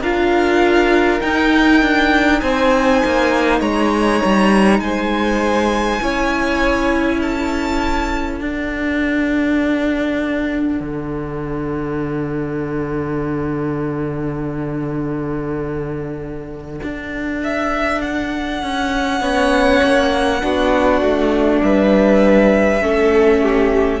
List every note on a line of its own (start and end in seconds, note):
0.00 1.20 D4
0.00 1.20 F4
0.00 2.40 A#4
0.00 1.20 F5
1.20 6.00 D#4
1.20 1.81 D#4
1.20 2.40 G5
1.81 2.42 D4
2.40 3.02 C4
2.40 3.59 C5
2.40 3.60 G#5
3.05 3.60 A#3
3.59 4.20 G#3
3.59 4.79 C#5
3.59 4.79 A#5
4.25 4.79 G3
4.79 5.99 G#3
4.79 6.02 C5
4.79 7.20 G#5
6.00 8.40 C#4
6.00 8.40 E4
6.00 7.20 C#5
7.20 19.20 A4
7.20 8.41 A5
8.40 10.80 D4
8.40 19.21 D4
8.40 17.41 F#5
10.80 16.80 D3
16.82 18.62 D4
17.43 18.01 E5
18.01 21.61 F#5
18.62 19.20 C#4
19.20 19.80 B3
19.20 20.41 C#4
19.20 20.41 C#5
19.82 20.42 A#3
20.41 21.01 B3
20.41 22.80 D4
20.41 21.63 F#4
21.01 21.61 A3
21.62 22.81 G3
21.62 22.83 B4
21.62 24.00 E5
22.81 24.00 A3
22.81 24.00 C#4
22.81 23.42 A4
23.42 24.00 G4